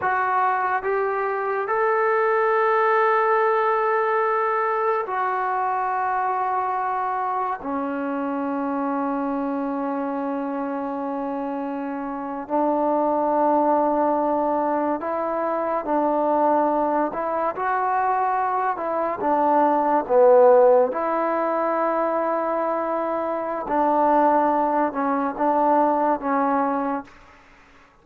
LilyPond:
\new Staff \with { instrumentName = "trombone" } { \time 4/4 \tempo 4 = 71 fis'4 g'4 a'2~ | a'2 fis'2~ | fis'4 cis'2.~ | cis'2~ cis'8. d'4~ d'16~ |
d'4.~ d'16 e'4 d'4~ d'16~ | d'16 e'8 fis'4. e'8 d'4 b16~ | b8. e'2.~ e'16 | d'4. cis'8 d'4 cis'4 | }